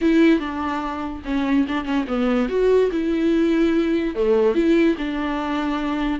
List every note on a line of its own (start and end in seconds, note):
0.01 0.39 E4
0.39 1.22 D4
1.25 1.66 C#4
1.68 1.84 D4
1.84 2.05 C#4
2.07 2.48 B3
2.48 2.90 F#4
2.91 4.15 E4
4.15 4.54 A3
4.54 4.96 E4
4.98 6.20 D4